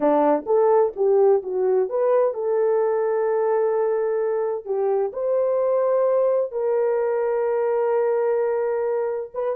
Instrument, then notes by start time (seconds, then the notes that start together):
horn
0.00 D4
0.46 A4
0.96 G4
1.42 F#4
1.89 B4
2.34 A4
4.65 G4
5.12 C5
6.51 A#4
9.33 B4